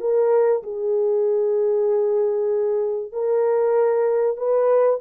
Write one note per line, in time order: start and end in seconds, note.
0.00 0.62 A#4
0.63 3.12 G#4
3.12 4.37 A#4
4.37 4.99 B4